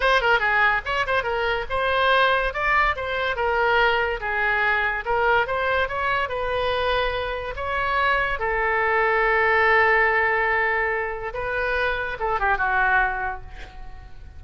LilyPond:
\new Staff \with { instrumentName = "oboe" } { \time 4/4 \tempo 4 = 143 c''8 ais'8 gis'4 cis''8 c''8 ais'4 | c''2 d''4 c''4 | ais'2 gis'2 | ais'4 c''4 cis''4 b'4~ |
b'2 cis''2 | a'1~ | a'2. b'4~ | b'4 a'8 g'8 fis'2 | }